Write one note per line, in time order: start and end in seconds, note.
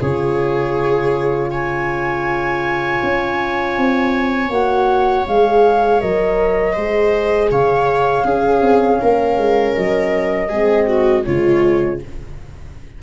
0.00 3.01 C#3
0.00 4.50 F4
0.00 1.50 G#4
0.00 1.50 C#5
1.50 6.73 C#5
1.50 4.50 G#5
3.03 3.77 C#4
3.77 4.50 C4
4.50 5.25 A#3
4.50 5.26 F#4
4.50 5.25 F#5
5.26 6.02 G#3
5.26 6.00 G#4
5.26 6.00 F5
6.00 6.76 F#3
6.00 6.75 A#4
6.00 7.50 D#5
6.73 7.50 G#3
6.73 8.25 G#4
6.73 7.48 C5
7.50 8.24 C#3
7.50 8.24 C#5
7.50 9.74 F5
8.24 8.61 C#4
8.24 10.50 C#4
8.24 8.99 G#4
8.61 8.99 C4
9.01 9.37 A#3
9.01 10.49 A#4
9.37 9.75 G#3
9.74 10.49 F#3
9.74 11.24 D#5
10.49 11.24 G#3
10.49 11.24 C4
10.49 10.86 G#4
10.87 11.24 F#4
11.24 12.02 C#3
11.24 11.99 G#3
11.24 12.01 F4
11.24 11.99 C#5